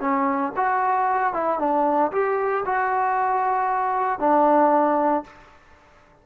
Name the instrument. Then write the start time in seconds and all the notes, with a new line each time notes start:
trombone
0.00 C#4
0.56 F#4
1.33 E4
1.59 D4
2.12 G4
2.65 F#4
4.19 D4